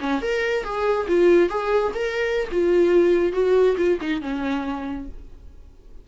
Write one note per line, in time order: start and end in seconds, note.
0.00 0.22 C#4
0.22 0.64 A#4
0.64 1.07 G#4
1.08 1.49 F4
1.49 1.92 G#4
1.94 2.48 A#4
2.51 3.33 F4
3.33 3.76 F#4
3.77 3.98 F4
4.01 4.21 D#4
4.21 5.08 C#4